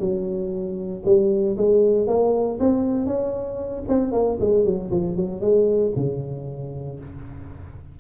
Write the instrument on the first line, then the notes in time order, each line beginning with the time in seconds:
tuba
0.00 F#3
1.06 G3
1.58 G#3
2.08 A#3
2.60 C4
3.07 C#4
3.89 C4
4.12 A#3
4.41 G#3
4.65 F#3
4.91 F3
5.17 F#3
5.41 G#3
5.96 C#3